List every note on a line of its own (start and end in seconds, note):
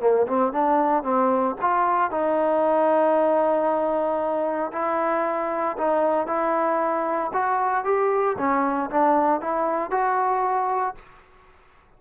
0.00 0.26 A#3
0.27 0.52 C4
0.52 1.03 D4
1.03 1.55 C4
1.61 2.11 F4
2.11 4.71 D#4
4.72 5.77 E4
5.77 6.27 D#4
6.27 7.31 E4
7.33 7.84 F#4
7.84 8.36 G4
8.38 8.90 C#4
8.90 9.41 D4
9.41 9.91 E4
9.91 10.95 F#4